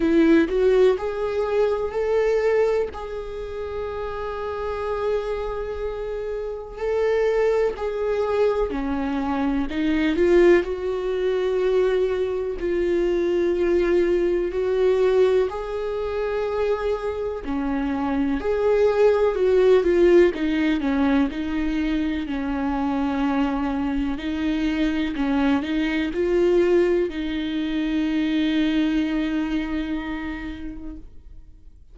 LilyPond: \new Staff \with { instrumentName = "viola" } { \time 4/4 \tempo 4 = 62 e'8 fis'8 gis'4 a'4 gis'4~ | gis'2. a'4 | gis'4 cis'4 dis'8 f'8 fis'4~ | fis'4 f'2 fis'4 |
gis'2 cis'4 gis'4 | fis'8 f'8 dis'8 cis'8 dis'4 cis'4~ | cis'4 dis'4 cis'8 dis'8 f'4 | dis'1 | }